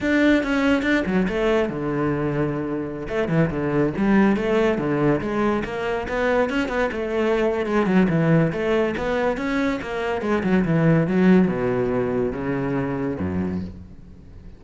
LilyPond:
\new Staff \with { instrumentName = "cello" } { \time 4/4 \tempo 4 = 141 d'4 cis'4 d'8 fis8 a4 | d2.~ d16 a8 e16~ | e16 d4 g4 a4 d8.~ | d16 gis4 ais4 b4 cis'8 b16~ |
b16 a4.~ a16 gis8 fis8 e4 | a4 b4 cis'4 ais4 | gis8 fis8 e4 fis4 b,4~ | b,4 cis2 fis,4 | }